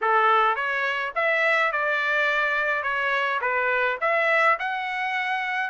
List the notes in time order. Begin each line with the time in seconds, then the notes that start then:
0.01 A4
0.55 C#5
1.15 E5
1.71 D5
2.82 C#5
3.41 B4
4.01 E5
4.59 F#5